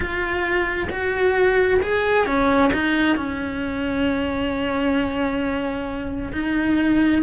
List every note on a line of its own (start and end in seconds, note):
0.00 0.88 F4
0.90 1.80 F#4
1.82 2.26 G#4
2.26 2.71 C#4
2.73 3.16 D#4
3.16 6.32 C#4
6.32 7.22 D#4